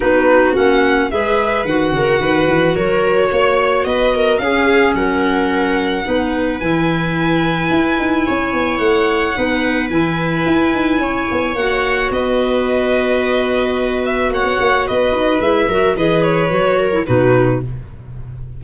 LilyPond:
<<
  \new Staff \with { instrumentName = "violin" } { \time 4/4 \tempo 4 = 109 b'4 fis''4 e''4 fis''4~ | fis''4 cis''2 dis''4 | f''4 fis''2. | gis''1 |
fis''2 gis''2~ | gis''4 fis''4 dis''2~ | dis''4. e''8 fis''4 dis''4 | e''4 dis''8 cis''4. b'4 | }
  \new Staff \with { instrumentName = "viola" } { \time 4/4 fis'2 b'4. ais'8 | b'4 ais'4 cis''4 b'8 ais'8 | gis'4 ais'2 b'4~ | b'2. cis''4~ |
cis''4 b'2. | cis''2 b'2~ | b'2 cis''4 b'4~ | b'8 ais'8 b'4. ais'8 fis'4 | }
  \new Staff \with { instrumentName = "clarinet" } { \time 4/4 dis'4 cis'4 gis'4 fis'4~ | fis'1 | cis'2. dis'4 | e'1~ |
e'4 dis'4 e'2~ | e'4 fis'2.~ | fis'1 | e'8 fis'8 gis'4 fis'8. e'16 dis'4 | }
  \new Staff \with { instrumentName = "tuba" } { \time 4/4 b4 ais4 gis4 dis8 cis8 | dis8 e8 fis4 ais4 b4 | cis'4 fis2 b4 | e2 e'8 dis'8 cis'8 b8 |
a4 b4 e4 e'8 dis'8 | cis'8 b8 ais4 b2~ | b2 ais16 b16 ais8 b8 dis'8 | gis8 fis8 e4 fis4 b,4 | }
>>